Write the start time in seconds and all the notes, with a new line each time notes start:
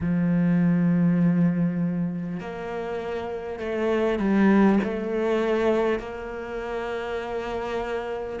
0.01 F3
2.39 A#3
3.59 A3
4.19 G3
4.83 A3
5.99 A#3